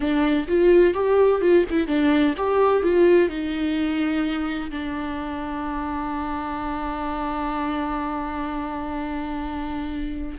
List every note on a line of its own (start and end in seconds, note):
0.00 0.47 D4
0.48 0.94 F4
0.94 1.41 G4
1.41 1.64 F4
1.70 1.87 E4
1.87 2.34 D4
2.37 2.83 G4
2.83 3.28 F4
3.28 4.70 D#4
4.71 10.37 D4